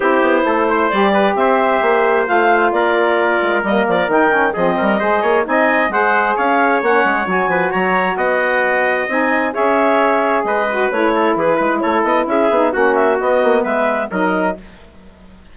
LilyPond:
<<
  \new Staff \with { instrumentName = "clarinet" } { \time 4/4 \tempo 4 = 132 c''2 d''4 e''4~ | e''4 f''4 d''2 | dis''8 d''8 g''4 dis''2 | gis''4 fis''4 f''4 fis''4 |
gis''4 ais''4 fis''2 | gis''4 e''2 dis''4 | cis''4 b'4 cis''8 dis''8 e''4 | fis''8 e''8 dis''4 e''4 dis''4 | }
  \new Staff \with { instrumentName = "trumpet" } { \time 4/4 g'4 a'8 c''4 b'8 c''4~ | c''2 ais'2~ | ais'2 gis'8 ais'8 c''8 cis''8 | dis''4 c''4 cis''2~ |
cis''8 b'8 cis''4 dis''2~ | dis''4 cis''2 b'4~ | b'8 a'8 gis'8 b'8 a'4 gis'4 | fis'2 b'4 ais'4 | }
  \new Staff \with { instrumentName = "saxophone" } { \time 4/4 e'2 g'2~ | g'4 f'2. | ais4 dis'8 cis'8 c'4 gis'4 | dis'4 gis'2 cis'4 |
fis'1 | dis'4 gis'2~ gis'8 fis'8 | e'2.~ e'8 dis'8 | cis'4 b2 dis'4 | }
  \new Staff \with { instrumentName = "bassoon" } { \time 4/4 c'8 b8 a4 g4 c'4 | ais4 a4 ais4. gis8 | g8 f8 dis4 f8 g8 gis8 ais8 | c'4 gis4 cis'4 ais8 gis8 |
fis8 f8 fis4 b2 | c'4 cis'2 gis4 | a4 e8 gis8 a8 b8 cis'8 b8 | ais4 b8 ais8 gis4 fis4 | }
>>